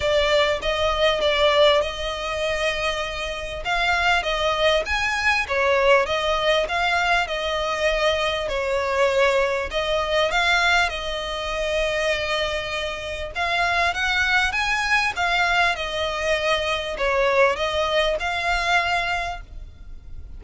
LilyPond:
\new Staff \with { instrumentName = "violin" } { \time 4/4 \tempo 4 = 99 d''4 dis''4 d''4 dis''4~ | dis''2 f''4 dis''4 | gis''4 cis''4 dis''4 f''4 | dis''2 cis''2 |
dis''4 f''4 dis''2~ | dis''2 f''4 fis''4 | gis''4 f''4 dis''2 | cis''4 dis''4 f''2 | }